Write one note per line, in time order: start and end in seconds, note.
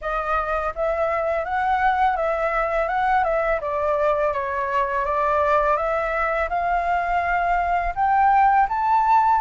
0.01 0.73 D#5
0.75 1.45 E5
1.45 2.16 F#5
2.16 2.88 E5
2.88 3.24 F#5
3.24 3.60 E5
3.60 4.33 D5
4.33 5.05 C#5
5.05 5.76 D5
5.76 6.49 E5
6.49 7.94 F5
7.95 8.67 G5
8.68 9.41 A5